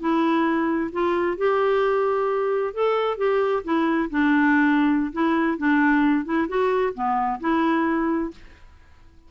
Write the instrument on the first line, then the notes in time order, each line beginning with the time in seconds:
clarinet
0.00 E4
0.93 F4
1.38 G4
2.74 A4
3.18 G4
3.64 E4
4.11 D4
5.13 E4
5.58 D4
6.25 E4
6.49 F#4
6.95 B3
7.41 E4